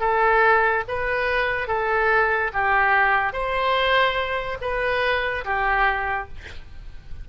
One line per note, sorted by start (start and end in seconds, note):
0.00 0.83 A4
0.88 1.67 B4
1.67 2.51 A4
2.53 3.33 G4
3.33 4.58 C5
4.61 5.44 B4
5.45 6.28 G4